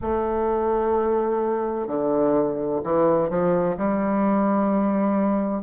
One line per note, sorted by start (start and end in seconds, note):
0.01 1.87 A3
1.87 2.81 D3
2.83 3.29 E3
3.29 3.76 F3
3.77 5.62 G3